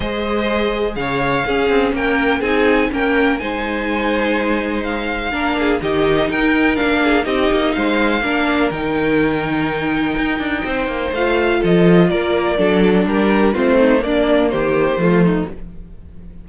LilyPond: <<
  \new Staff \with { instrumentName = "violin" } { \time 4/4 \tempo 4 = 124 dis''2 f''2 | g''4 gis''4 g''4 gis''4~ | gis''2 f''2 | dis''4 g''4 f''4 dis''4 |
f''2 g''2~ | g''2. f''4 | dis''4 d''2 ais'4 | c''4 d''4 c''2 | }
  \new Staff \with { instrumentName = "violin" } { \time 4/4 c''2 cis''4 gis'4 | ais'4 gis'4 ais'4 c''4~ | c''2. ais'8 gis'8 | g'4 ais'4. gis'8 g'4 |
c''4 ais'2.~ | ais'2 c''2 | a'4 ais'4 a'4 g'4 | f'8 dis'8 d'4 g'4 f'8 dis'8 | }
  \new Staff \with { instrumentName = "viola" } { \time 4/4 gis'2. cis'4~ | cis'4 dis'4 cis'4 dis'4~ | dis'2. d'4 | dis'2 d'4 dis'4~ |
dis'4 d'4 dis'2~ | dis'2. f'4~ | f'2 d'2 | c'4 ais2 a4 | }
  \new Staff \with { instrumentName = "cello" } { \time 4/4 gis2 cis4 cis'8 c'8 | ais4 c'4 ais4 gis4~ | gis2. ais4 | dis4 dis'4 ais4 c'8 ais8 |
gis4 ais4 dis2~ | dis4 dis'8 d'8 c'8 ais8 a4 | f4 ais4 fis4 g4 | a4 ais4 dis4 f4 | }
>>